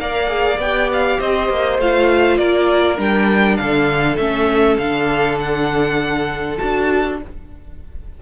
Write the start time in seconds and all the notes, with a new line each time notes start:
0.00 A#3 A#4 D5 F5
0.28 G#4
0.59 B3 G4 G5
0.94 F5
1.20 C4 C5 D#5
1.50 A#3
1.79 A3 F4 F5
2.38 A#3 A#4 D5
2.97 G3 D4 G5
3.57 D3 A4 F5
4.18 A3 C#4 E5
4.78 D3 D4 F5
5.40 F#5
6.58 D4 F#4 A5